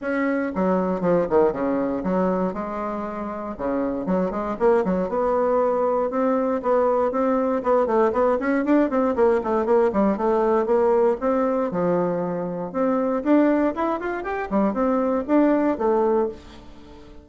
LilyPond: \new Staff \with { instrumentName = "bassoon" } { \time 4/4 \tempo 4 = 118 cis'4 fis4 f8 dis8 cis4 | fis4 gis2 cis4 | fis8 gis8 ais8 fis8 b2 | c'4 b4 c'4 b8 a8 |
b8 cis'8 d'8 c'8 ais8 a8 ais8 g8 | a4 ais4 c'4 f4~ | f4 c'4 d'4 e'8 f'8 | g'8 g8 c'4 d'4 a4 | }